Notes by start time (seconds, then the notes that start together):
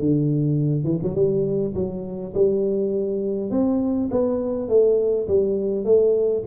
0.00 D3
0.84 E3
1.03 F#3
1.15 G3
1.75 F#3
2.35 G3
3.51 C4
4.11 B3
4.69 A3
5.28 G3
5.85 A3